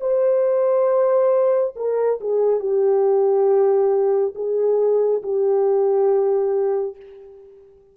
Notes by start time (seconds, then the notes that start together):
0.00 C5
1.75 A#4
2.20 G#4
2.59 G4
4.35 G#4
5.22 G4